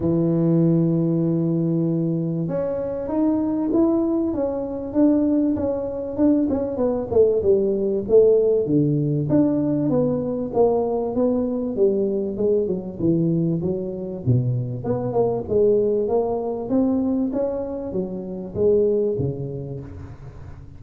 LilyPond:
\new Staff \with { instrumentName = "tuba" } { \time 4/4 \tempo 4 = 97 e1 | cis'4 dis'4 e'4 cis'4 | d'4 cis'4 d'8 cis'8 b8 a8 | g4 a4 d4 d'4 |
b4 ais4 b4 g4 | gis8 fis8 e4 fis4 b,4 | b8 ais8 gis4 ais4 c'4 | cis'4 fis4 gis4 cis4 | }